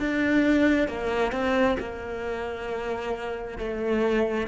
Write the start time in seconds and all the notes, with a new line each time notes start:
0.00 D4
0.88 A#3
1.32 C4
1.80 A#3
3.59 A3